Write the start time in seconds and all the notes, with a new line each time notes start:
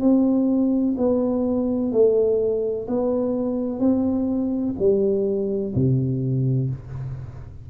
0.00 C4
0.97 B3
1.92 A3
2.87 B3
3.80 C4
4.79 G3
5.75 C3